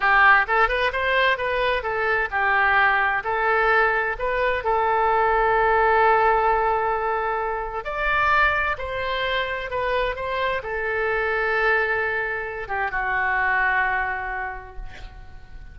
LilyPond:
\new Staff \with { instrumentName = "oboe" } { \time 4/4 \tempo 4 = 130 g'4 a'8 b'8 c''4 b'4 | a'4 g'2 a'4~ | a'4 b'4 a'2~ | a'1~ |
a'4 d''2 c''4~ | c''4 b'4 c''4 a'4~ | a'2.~ a'8 g'8 | fis'1 | }